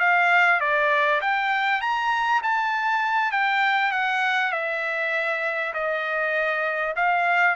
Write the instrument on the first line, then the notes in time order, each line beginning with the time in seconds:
trumpet
0.00 F5
0.61 D5
1.21 G5
1.81 A#5
2.43 A5
3.32 G5
3.92 F#5
4.52 E5
5.74 D#5
6.96 F5